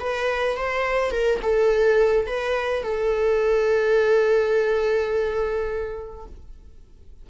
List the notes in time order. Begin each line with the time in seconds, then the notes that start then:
0.00 B4
0.57 C5
1.11 A#4
1.42 A4
2.27 B4
2.83 A4